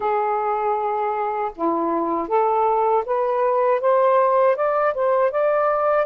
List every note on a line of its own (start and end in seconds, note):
0.00 1.52 G#4
1.55 2.28 E4
2.28 3.03 A4
3.06 3.80 B4
3.80 4.56 C5
4.56 4.94 D5
4.94 5.31 C5
5.31 6.06 D5